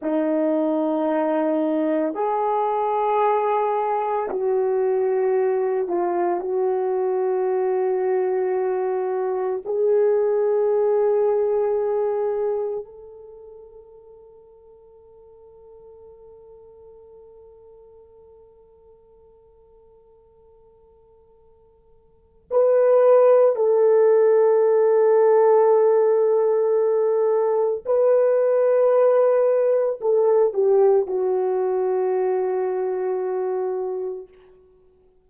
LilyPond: \new Staff \with { instrumentName = "horn" } { \time 4/4 \tempo 4 = 56 dis'2 gis'2 | fis'4. f'8 fis'2~ | fis'4 gis'2. | a'1~ |
a'1~ | a'4 b'4 a'2~ | a'2 b'2 | a'8 g'8 fis'2. | }